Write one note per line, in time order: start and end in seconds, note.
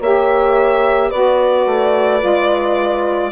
0.00 1.12 A#3
0.00 1.12 G4
0.00 1.09 C#5
0.00 1.11 E5
1.09 1.66 B3
1.09 2.19 F#4
1.09 3.31 B4
1.09 3.32 D5
1.66 2.22 A3
2.19 3.32 G#3
2.19 3.31 F4